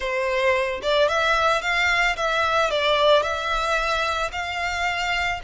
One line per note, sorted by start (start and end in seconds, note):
0.00 0.81 C5
0.82 1.08 D5
1.08 1.61 E5
1.61 2.15 F5
2.16 2.70 E5
2.70 3.22 D5
3.22 4.30 E5
4.32 5.40 F5